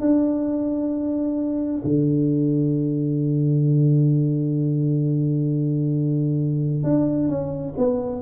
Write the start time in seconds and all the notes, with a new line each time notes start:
0.00 D4
1.84 D3
6.83 D4
7.28 C#4
7.77 B3